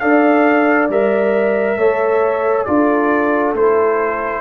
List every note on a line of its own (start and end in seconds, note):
0.00 0.89 D4
0.00 0.89 A4
0.00 1.78 D5
0.00 0.88 F5
0.89 1.77 G3
0.89 1.79 A#4
0.89 2.65 E5
1.77 2.65 A3
1.77 2.67 A4
1.77 2.66 C#5
2.65 3.54 D4
2.65 3.55 F4
2.65 4.41 A4
2.65 3.53 D5
3.54 4.41 A3
3.54 4.41 E4
3.54 4.41 C5